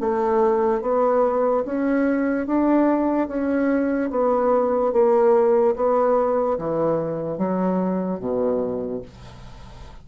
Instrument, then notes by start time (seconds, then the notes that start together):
bassoon
0.00 A3
0.81 B3
1.65 C#4
2.46 D4
3.28 C#4
4.10 B3
4.92 A#3
5.75 B3
6.58 E3
7.37 F#3
8.19 B2